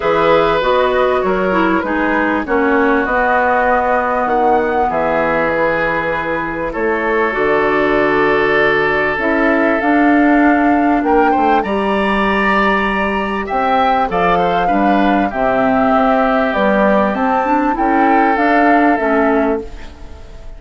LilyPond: <<
  \new Staff \with { instrumentName = "flute" } { \time 4/4 \tempo 4 = 98 e''4 dis''4 cis''4 b'4 | cis''4 dis''2 fis''4 | e''4 b'2 cis''4 | d''2. e''4 |
f''2 g''4 ais''4~ | ais''2 g''4 f''4~ | f''4 e''2 d''4 | a''4 g''4 f''4 e''4 | }
  \new Staff \with { instrumentName = "oboe" } { \time 4/4 b'2 ais'4 gis'4 | fis'1 | gis'2. a'4~ | a'1~ |
a'2 ais'8 c''8 d''4~ | d''2 e''4 d''8 c''8 | b'4 g'2.~ | g'4 a'2. | }
  \new Staff \with { instrumentName = "clarinet" } { \time 4/4 gis'4 fis'4. e'8 dis'4 | cis'4 b2.~ | b4 e'2. | fis'2. e'4 |
d'2. g'4~ | g'2. a'4 | d'4 c'2 g4 | c'8 d'8 e'4 d'4 cis'4 | }
  \new Staff \with { instrumentName = "bassoon" } { \time 4/4 e4 b4 fis4 gis4 | ais4 b2 dis4 | e2. a4 | d2. cis'4 |
d'2 ais8 a8 g4~ | g2 c'4 f4 | g4 c4 c'4 b4 | c'4 cis'4 d'4 a4 | }
>>